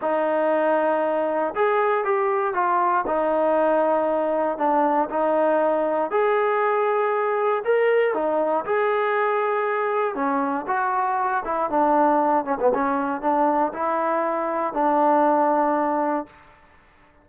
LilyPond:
\new Staff \with { instrumentName = "trombone" } { \time 4/4 \tempo 4 = 118 dis'2. gis'4 | g'4 f'4 dis'2~ | dis'4 d'4 dis'2 | gis'2. ais'4 |
dis'4 gis'2. | cis'4 fis'4. e'8 d'4~ | d'8 cis'16 b16 cis'4 d'4 e'4~ | e'4 d'2. | }